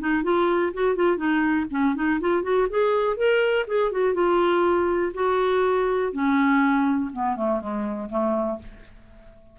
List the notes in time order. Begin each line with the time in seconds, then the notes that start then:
0.00 D#4
0.24 F4
0.74 F#4
0.96 F4
1.17 D#4
1.71 C#4
1.96 D#4
2.21 F4
2.43 F#4
2.70 G#4
3.17 A#4
3.68 G#4
3.92 F#4
4.14 F4
5.14 F#4
6.13 C#4
7.13 B3
7.37 A3
7.61 G#3
8.10 A3